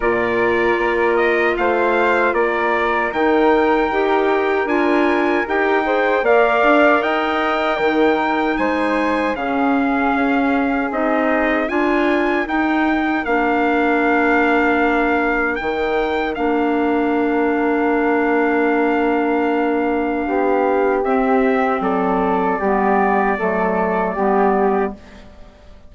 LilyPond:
<<
  \new Staff \with { instrumentName = "trumpet" } { \time 4/4 \tempo 4 = 77 d''4. dis''8 f''4 d''4 | g''2 gis''4 g''4 | f''4 g''2 gis''4 | f''2 dis''4 gis''4 |
g''4 f''2. | g''4 f''2.~ | f''2. e''4 | d''1 | }
  \new Staff \with { instrumentName = "flute" } { \time 4/4 ais'2 c''4 ais'4~ | ais'2.~ ais'8 c''8 | d''4 dis''4 ais'4 c''4 | gis'2. ais'4~ |
ais'1~ | ais'1~ | ais'2 g'2 | a'4 g'4 a'4 g'4 | }
  \new Staff \with { instrumentName = "clarinet" } { \time 4/4 f'1 | dis'4 g'4 f'4 g'8 gis'8 | ais'2 dis'2 | cis'2 dis'4 f'4 |
dis'4 d'2. | dis'4 d'2.~ | d'2. c'4~ | c'4 b4 a4 b4 | }
  \new Staff \with { instrumentName = "bassoon" } { \time 4/4 ais,4 ais4 a4 ais4 | dis4 dis'4 d'4 dis'4 | ais8 d'8 dis'4 dis4 gis4 | cis4 cis'4 c'4 d'4 |
dis'4 ais2. | dis4 ais2.~ | ais2 b4 c'4 | fis4 g4 fis4 g4 | }
>>